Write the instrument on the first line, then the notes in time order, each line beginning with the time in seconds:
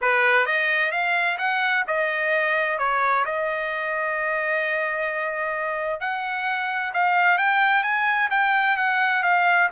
trumpet
0.01 B4
0.46 D#5
0.91 F5
1.38 F#5
1.87 D#5
2.78 C#5
3.25 D#5
6.00 F#5
6.93 F5
7.37 G5
7.83 G#5
8.30 G5
8.77 F#5
9.22 F5